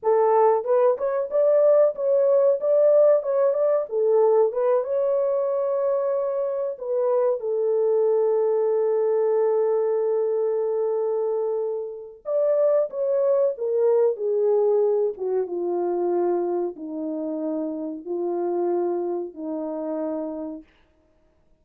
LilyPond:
\new Staff \with { instrumentName = "horn" } { \time 4/4 \tempo 4 = 93 a'4 b'8 cis''8 d''4 cis''4 | d''4 cis''8 d''8 a'4 b'8 cis''8~ | cis''2~ cis''8 b'4 a'8~ | a'1~ |
a'2. d''4 | cis''4 ais'4 gis'4. fis'8 | f'2 dis'2 | f'2 dis'2 | }